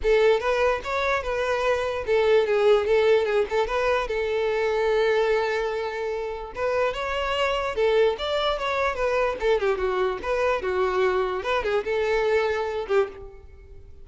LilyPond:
\new Staff \with { instrumentName = "violin" } { \time 4/4 \tempo 4 = 147 a'4 b'4 cis''4 b'4~ | b'4 a'4 gis'4 a'4 | gis'8 a'8 b'4 a'2~ | a'1 |
b'4 cis''2 a'4 | d''4 cis''4 b'4 a'8 g'8 | fis'4 b'4 fis'2 | b'8 gis'8 a'2~ a'8 g'8 | }